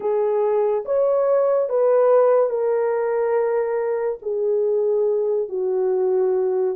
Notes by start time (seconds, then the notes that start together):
0.00 G#4
0.85 C#5
1.69 B4
2.49 A#4
4.21 G#4
5.49 F#4